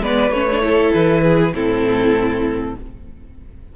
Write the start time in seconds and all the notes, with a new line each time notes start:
0.00 G#3 B3 B4 D5
0.30 A3 C#4 C#5
0.51 D4
0.62 E4 A4
0.93 E3 B4
1.23 G#4
1.54 A2 C4 E4 A4